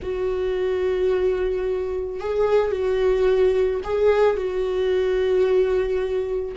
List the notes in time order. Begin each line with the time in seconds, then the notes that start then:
0.02 F#4
2.20 G#4
2.71 F#4
3.83 G#4
4.36 F#4